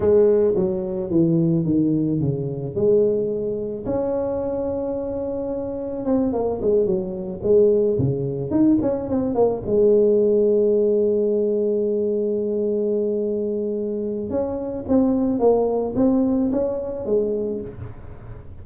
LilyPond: \new Staff \with { instrumentName = "tuba" } { \time 4/4 \tempo 4 = 109 gis4 fis4 e4 dis4 | cis4 gis2 cis'4~ | cis'2. c'8 ais8 | gis8 fis4 gis4 cis4 dis'8 |
cis'8 c'8 ais8 gis2~ gis8~ | gis1~ | gis2 cis'4 c'4 | ais4 c'4 cis'4 gis4 | }